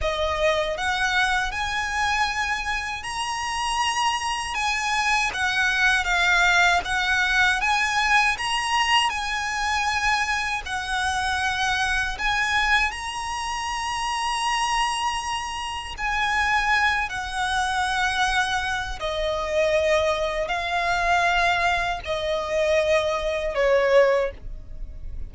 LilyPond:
\new Staff \with { instrumentName = "violin" } { \time 4/4 \tempo 4 = 79 dis''4 fis''4 gis''2 | ais''2 gis''4 fis''4 | f''4 fis''4 gis''4 ais''4 | gis''2 fis''2 |
gis''4 ais''2.~ | ais''4 gis''4. fis''4.~ | fis''4 dis''2 f''4~ | f''4 dis''2 cis''4 | }